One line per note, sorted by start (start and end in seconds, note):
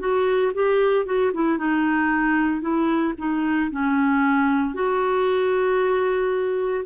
0.00 0.53 F#4
0.54 1.06 G4
1.06 1.32 F#4
1.34 1.58 E4
1.58 2.61 D#4
2.61 3.14 E4
3.19 3.71 D#4
3.71 4.74 C#4
4.74 6.85 F#4